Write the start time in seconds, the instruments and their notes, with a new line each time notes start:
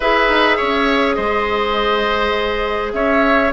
0.00 bassoon E4, clarinet G#4, oboe B4, flute E5
0.28 bassoon D#4
0.56 bassoon C#4, oboe C#5
1.14 bassoon G#3, oboe C5, flute D#5
2.93 bassoon C#4, oboe C#5, flute E5